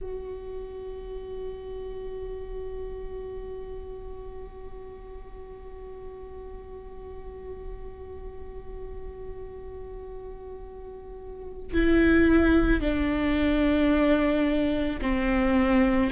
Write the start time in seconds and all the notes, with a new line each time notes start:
0.00 F#4
11.73 E4
12.81 D4
15.01 C4